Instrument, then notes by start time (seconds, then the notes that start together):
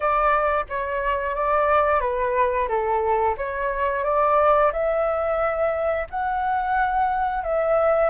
flute
0.00 D5
0.69 C#5
1.35 D5
2.00 B4
2.68 A4
3.37 C#5
4.04 D5
4.72 E5
6.09 F#5
7.43 E5